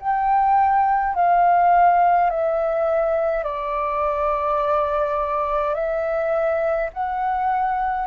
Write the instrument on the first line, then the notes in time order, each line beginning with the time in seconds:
flute
0.00 G5
1.15 F5
2.30 E5
3.44 D5
5.75 E5
6.94 F#5